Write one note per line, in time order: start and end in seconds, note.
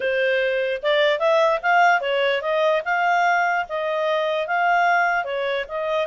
0.00 0.81 C5
0.82 1.19 D5
1.19 1.59 E5
1.62 2.01 F5
2.01 2.41 C#5
2.41 2.82 D#5
2.84 3.65 F5
3.69 4.47 D#5
4.47 5.24 F5
5.24 5.65 C#5
5.68 6.07 D#5